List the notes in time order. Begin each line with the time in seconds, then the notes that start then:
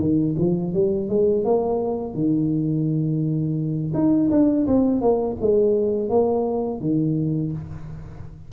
0.00 D#3
0.39 F3
0.74 G3
1.09 G#3
1.45 A#3
2.15 D#3
3.94 D#4
4.31 D4
4.68 C4
5.02 A#3
5.41 G#3
6.10 A#3
6.81 D#3